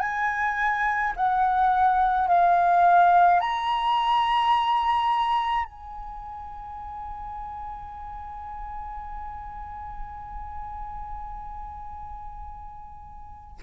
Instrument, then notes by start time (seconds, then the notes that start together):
flute
0.00 G#5
1.16 F#5
2.28 F5
3.41 A#5
5.65 G#5